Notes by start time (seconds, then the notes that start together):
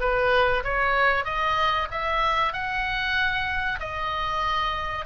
0.00 B4
0.64 C#5
1.25 D#5
1.91 E5
2.53 F#5
3.80 D#5